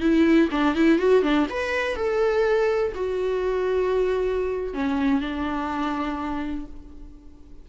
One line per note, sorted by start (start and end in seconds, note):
0.00 0.48 E4
0.51 0.75 D4
0.75 0.98 E4
0.98 1.23 F#4
1.23 1.47 D4
1.50 1.96 B4
1.96 2.93 A4
2.95 4.74 F#4
4.74 5.20 C#4
5.20 6.66 D4